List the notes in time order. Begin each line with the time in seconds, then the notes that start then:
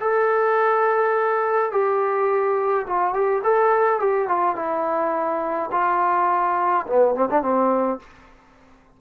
0.00 A4
1.71 G4
2.87 F4
3.14 G4
3.44 A4
3.99 G4
4.28 F4
4.55 E4
5.71 F4
6.86 B3
7.15 C4
7.30 D4
7.42 C4